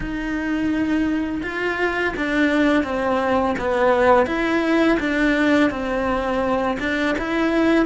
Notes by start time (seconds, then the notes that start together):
0.00 D#4
1.42 F4
2.17 D4
2.83 C4
3.58 B3
4.26 E4
4.99 D4
5.70 C4
6.79 D4
7.18 E4